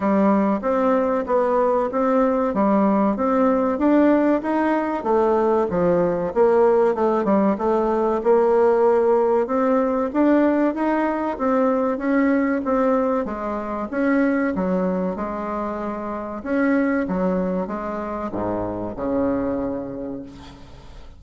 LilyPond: \new Staff \with { instrumentName = "bassoon" } { \time 4/4 \tempo 4 = 95 g4 c'4 b4 c'4 | g4 c'4 d'4 dis'4 | a4 f4 ais4 a8 g8 | a4 ais2 c'4 |
d'4 dis'4 c'4 cis'4 | c'4 gis4 cis'4 fis4 | gis2 cis'4 fis4 | gis4 gis,4 cis2 | }